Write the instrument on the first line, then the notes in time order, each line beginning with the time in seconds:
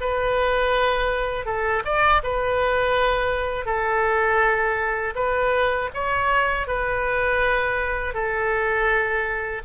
oboe
0.00 B4
1.45 A4
1.85 D5
2.23 B4
3.65 A4
5.15 B4
5.94 C#5
6.67 B4
8.14 A4